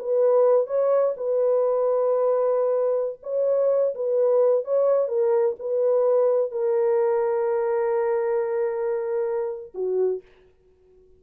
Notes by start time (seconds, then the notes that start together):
0.00 B4
0.67 C#5
1.17 B4
3.23 C#5
3.95 B4
4.65 C#5
5.08 A#4
5.60 B4
6.52 A#4
9.75 F#4